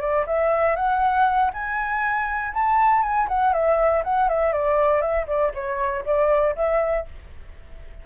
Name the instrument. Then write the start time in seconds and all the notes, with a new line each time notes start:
flute
0.00 D5
0.26 E5
0.76 F#5
1.53 G#5
2.54 A5
3.02 G#5
3.28 F#5
3.53 E5
4.04 F#5
4.28 E5
4.52 D5
5.01 E5
5.27 D5
5.54 C#5
6.05 D5
6.55 E5